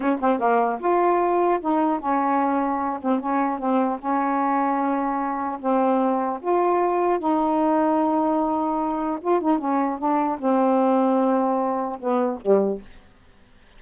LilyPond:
\new Staff \with { instrumentName = "saxophone" } { \time 4/4 \tempo 4 = 150 cis'8 c'8 ais4 f'2 | dis'4 cis'2~ cis'8 c'8 | cis'4 c'4 cis'2~ | cis'2 c'2 |
f'2 dis'2~ | dis'2. f'8 dis'8 | cis'4 d'4 c'2~ | c'2 b4 g4 | }